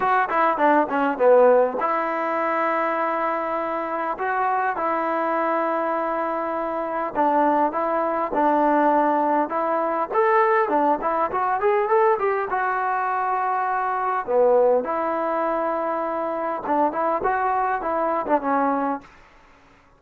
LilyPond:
\new Staff \with { instrumentName = "trombone" } { \time 4/4 \tempo 4 = 101 fis'8 e'8 d'8 cis'8 b4 e'4~ | e'2. fis'4 | e'1 | d'4 e'4 d'2 |
e'4 a'4 d'8 e'8 fis'8 gis'8 | a'8 g'8 fis'2. | b4 e'2. | d'8 e'8 fis'4 e'8. d'16 cis'4 | }